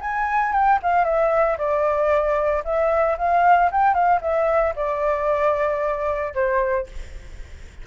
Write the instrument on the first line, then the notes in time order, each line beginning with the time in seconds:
flute
0.00 G#5
0.52 G5
0.82 F5
1.04 E5
1.57 D5
2.64 E5
3.17 F5
3.71 G5
3.94 F5
4.21 E5
4.75 D5
6.34 C5